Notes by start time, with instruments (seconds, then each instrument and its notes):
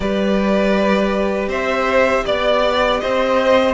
0.00 cello G3, viola G4, violin B4 D5
1.47 cello C4, violin C5 E5
2.25 cello B3, violin D5
2.99 cello C4, violin C5 D#5